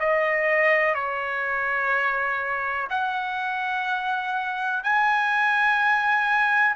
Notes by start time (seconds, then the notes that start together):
0.00 D#5
0.95 C#5
2.90 F#5
4.84 G#5